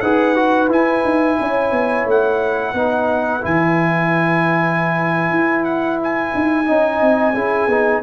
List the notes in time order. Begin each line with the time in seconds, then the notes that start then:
0.00 D#4 G#4 B4 F#5
0.35 F#4
0.68 E4 G#5
1.04 D#4
1.40 C#4 C#5
1.71 B3
2.05 A3 F#5
2.73 B3 D#4 B4
3.41 E3 E4 G#5
5.30 E4
5.64 F#5
6.03 G#5
6.35 D#4
6.65 C#4 D#4 D#5
7.01 C4
7.34 C#4 E4 G#4
7.67 B3 D#4